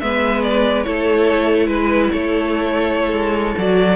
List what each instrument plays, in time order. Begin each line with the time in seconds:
0.00 cello G#3, viola B3, violin B4 E5
0.42 violin D5
0.83 cello A3, viola E4, violin A4 C#5
1.66 cello G#3, violin B4
2.11 cello A3, violin A4 C#5
3.12 cello G#3
3.58 cello F#3, viola F#4, violin D5